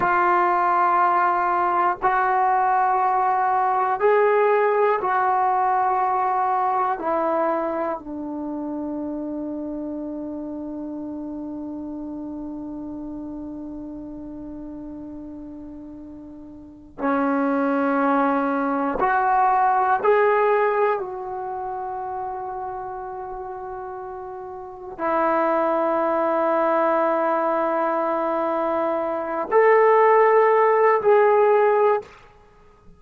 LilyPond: \new Staff \with { instrumentName = "trombone" } { \time 4/4 \tempo 4 = 60 f'2 fis'2 | gis'4 fis'2 e'4 | d'1~ | d'1~ |
d'4 cis'2 fis'4 | gis'4 fis'2.~ | fis'4 e'2.~ | e'4. a'4. gis'4 | }